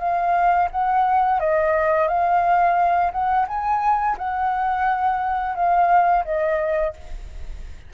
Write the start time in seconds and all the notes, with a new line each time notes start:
0.00 F5
0.71 F#5
1.40 D#5
2.08 F5
3.12 F#5
3.48 G#5
4.18 F#5
5.56 F5
6.25 D#5